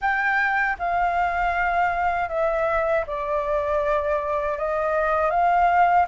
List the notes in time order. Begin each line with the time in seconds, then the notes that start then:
0.01 G5
0.78 F5
2.28 E5
3.06 D5
4.58 D#5
5.30 F5